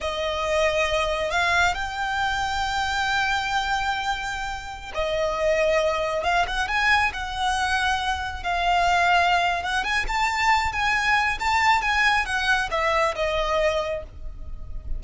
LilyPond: \new Staff \with { instrumentName = "violin" } { \time 4/4 \tempo 4 = 137 dis''2. f''4 | g''1~ | g''2.~ g''16 dis''8.~ | dis''2~ dis''16 f''8 fis''8 gis''8.~ |
gis''16 fis''2. f''8.~ | f''2 fis''8 gis''8 a''4~ | a''8 gis''4. a''4 gis''4 | fis''4 e''4 dis''2 | }